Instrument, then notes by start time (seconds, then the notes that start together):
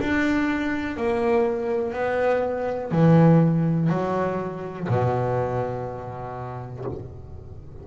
double bass
0.00 D4
0.97 A#3
1.93 B3
2.92 E3
3.89 F#3
4.88 B2